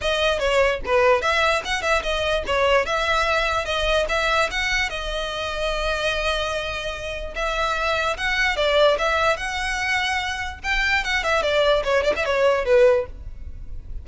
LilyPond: \new Staff \with { instrumentName = "violin" } { \time 4/4 \tempo 4 = 147 dis''4 cis''4 b'4 e''4 | fis''8 e''8 dis''4 cis''4 e''4~ | e''4 dis''4 e''4 fis''4 | dis''1~ |
dis''2 e''2 | fis''4 d''4 e''4 fis''4~ | fis''2 g''4 fis''8 e''8 | d''4 cis''8 d''16 e''16 cis''4 b'4 | }